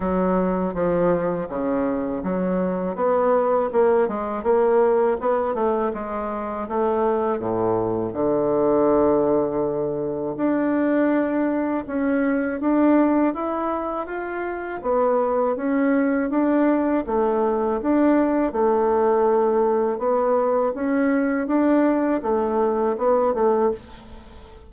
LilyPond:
\new Staff \with { instrumentName = "bassoon" } { \time 4/4 \tempo 4 = 81 fis4 f4 cis4 fis4 | b4 ais8 gis8 ais4 b8 a8 | gis4 a4 a,4 d4~ | d2 d'2 |
cis'4 d'4 e'4 f'4 | b4 cis'4 d'4 a4 | d'4 a2 b4 | cis'4 d'4 a4 b8 a8 | }